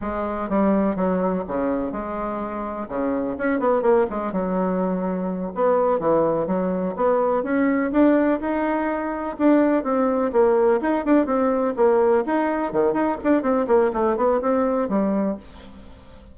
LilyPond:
\new Staff \with { instrumentName = "bassoon" } { \time 4/4 \tempo 4 = 125 gis4 g4 fis4 cis4 | gis2 cis4 cis'8 b8 | ais8 gis8 fis2~ fis8 b8~ | b8 e4 fis4 b4 cis'8~ |
cis'8 d'4 dis'2 d'8~ | d'8 c'4 ais4 dis'8 d'8 c'8~ | c'8 ais4 dis'4 dis8 dis'8 d'8 | c'8 ais8 a8 b8 c'4 g4 | }